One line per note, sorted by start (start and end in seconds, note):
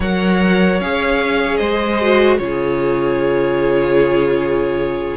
0.00 0.80 F#3
0.00 0.81 A#4
0.00 1.58 C#5
0.00 0.80 F#5
0.80 1.60 C#4
0.80 2.01 G#4
0.80 1.56 F5
1.56 2.39 G#3
1.56 2.38 C5
1.56 2.36 D#5
2.01 2.39 F#4
2.37 5.16 C#3
2.37 5.16 F4
2.37 5.16 C#5
2.44 5.16 G#4